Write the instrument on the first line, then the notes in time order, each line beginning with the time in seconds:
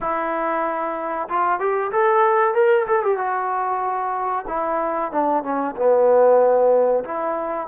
trombone
0.01 E4
1.29 F4
1.59 G4
1.91 A4
2.54 A#4
2.87 A4
3.03 G4
3.17 F#4
4.47 E4
5.11 D4
5.43 C#4
5.76 B3
7.04 E4